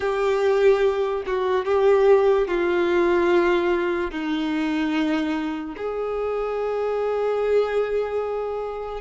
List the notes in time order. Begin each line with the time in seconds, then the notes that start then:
0.00 G4
1.26 F#4
1.65 G4
2.47 F4
4.11 D#4
5.76 G#4